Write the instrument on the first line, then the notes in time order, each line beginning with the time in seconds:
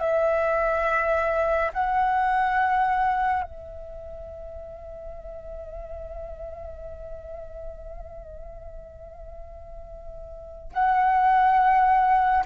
flute
0.00 E5
1.73 F#5
3.43 E5
10.73 F#5